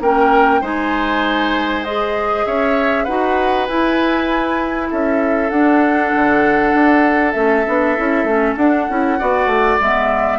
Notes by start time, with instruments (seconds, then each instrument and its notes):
0.00 bassoon A#3, clarinet C#4, oboe A#4, flute G5
0.61 bassoon G#3, clarinet D#4, oboe C5, flute G#5
1.84 clarinet G#4, flute D#5
2.45 bassoon C#4, oboe C#5, flute E5
3.04 bassoon D#4, clarinet F#4, oboe B4, flute F#5
3.67 bassoon E4, clarinet E4, flute G#5
4.90 bassoon C#4, oboe A4, flute E5
5.49 bassoon D4, clarinet D4, flute F#5
6.15 bassoon D3
6.73 bassoon D4
7.31 bassoon A3, clarinet C#4, flute E5
7.66 bassoon B3, clarinet D4
7.96 bassoon C#4, clarinet E4
8.23 bassoon A3, clarinet C#4
8.56 bassoon D4, clarinet D4, flute F#5
8.89 bassoon C#4, clarinet E4
9.19 bassoon B3, clarinet F#4, oboe D5
9.46 bassoon A3
9.80 bassoon G#3, clarinet B3, flute E5